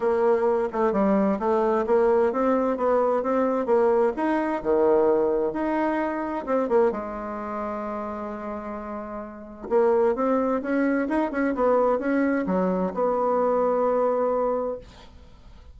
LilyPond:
\new Staff \with { instrumentName = "bassoon" } { \time 4/4 \tempo 4 = 130 ais4. a8 g4 a4 | ais4 c'4 b4 c'4 | ais4 dis'4 dis2 | dis'2 c'8 ais8 gis4~ |
gis1~ | gis4 ais4 c'4 cis'4 | dis'8 cis'8 b4 cis'4 fis4 | b1 | }